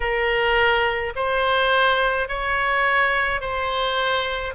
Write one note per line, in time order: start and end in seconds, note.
0.00 1.13 A#4
1.15 2.28 C5
2.28 3.40 C#5
3.40 4.53 C5